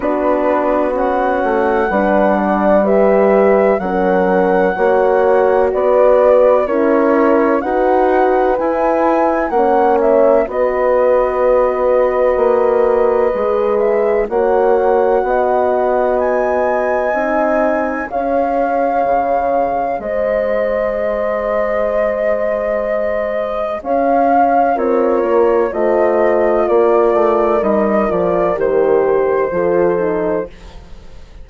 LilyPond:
<<
  \new Staff \with { instrumentName = "flute" } { \time 4/4 \tempo 4 = 63 b'4 fis''2 e''4 | fis''2 d''4 cis''4 | fis''4 gis''4 fis''8 e''8 dis''4~ | dis''2~ dis''8 e''8 fis''4~ |
fis''4 gis''2 f''4~ | f''4 dis''2.~ | dis''4 f''4 cis''4 dis''4 | d''4 dis''8 d''8 c''2 | }
  \new Staff \with { instrumentName = "horn" } { \time 4/4 fis'2 b'8 d''8 b'4 | ais'4 cis''4 b'4 ais'4 | b'2 cis''4 b'4~ | b'2. cis''4 |
dis''2. cis''4~ | cis''4 c''2.~ | c''4 cis''4 f'4 c''4 | ais'2. a'4 | }
  \new Staff \with { instrumentName = "horn" } { \time 4/4 d'4 cis'4 d'4 g'4 | cis'4 fis'2 e'4 | fis'4 e'4 cis'4 fis'4~ | fis'2 gis'4 fis'4~ |
fis'2 dis'4 gis'4~ | gis'1~ | gis'2 ais'4 f'4~ | f'4 dis'8 f'8 g'4 f'8 dis'8 | }
  \new Staff \with { instrumentName = "bassoon" } { \time 4/4 b4. a8 g2 | fis4 ais4 b4 cis'4 | dis'4 e'4 ais4 b4~ | b4 ais4 gis4 ais4 |
b2 c'4 cis'4 | cis4 gis2.~ | gis4 cis'4 c'8 ais8 a4 | ais8 a8 g8 f8 dis4 f4 | }
>>